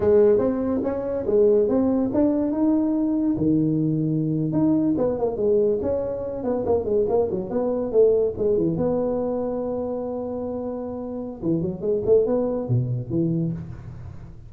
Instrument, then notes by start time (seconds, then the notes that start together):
tuba
0.00 G#3
0.38 C4
0.83 C#4
1.26 G#3
1.68 C4
2.13 D4
2.51 D#4
3.37 D#3
4.52 D#4
4.97 B3
5.19 A#3
5.37 G#3
5.82 C#4
6.43 B3
6.65 A#3
6.84 G#3
7.08 A#3
7.30 F#3
7.49 B3
7.91 A3
8.37 G#3
8.57 E3
8.77 B3
11.42 E3
11.61 F#3
11.81 G#3
12.05 A3
12.26 B3
12.68 B2
13.10 E3